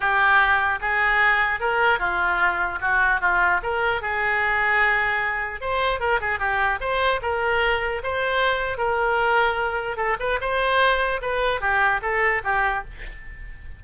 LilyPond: \new Staff \with { instrumentName = "oboe" } { \time 4/4 \tempo 4 = 150 g'2 gis'2 | ais'4 f'2 fis'4 | f'4 ais'4 gis'2~ | gis'2 c''4 ais'8 gis'8 |
g'4 c''4 ais'2 | c''2 ais'2~ | ais'4 a'8 b'8 c''2 | b'4 g'4 a'4 g'4 | }